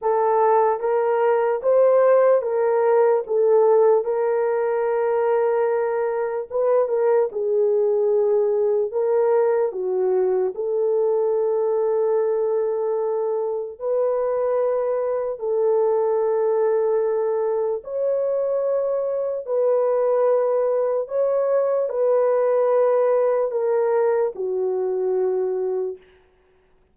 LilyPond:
\new Staff \with { instrumentName = "horn" } { \time 4/4 \tempo 4 = 74 a'4 ais'4 c''4 ais'4 | a'4 ais'2. | b'8 ais'8 gis'2 ais'4 | fis'4 a'2.~ |
a'4 b'2 a'4~ | a'2 cis''2 | b'2 cis''4 b'4~ | b'4 ais'4 fis'2 | }